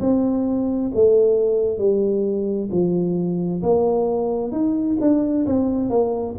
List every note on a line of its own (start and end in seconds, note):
0.00 0.91 C4
0.94 1.78 A3
1.78 2.69 G3
2.71 3.62 F3
3.62 4.52 A#3
4.52 4.97 D#4
5.00 5.46 D4
5.46 5.90 C4
5.90 6.35 A#3